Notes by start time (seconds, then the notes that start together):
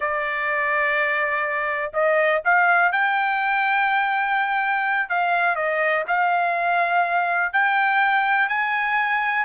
0.00 D5
1.93 D#5
2.44 F5
2.92 G5
5.09 F5
5.55 D#5
6.07 F5
7.52 G5
8.49 G#5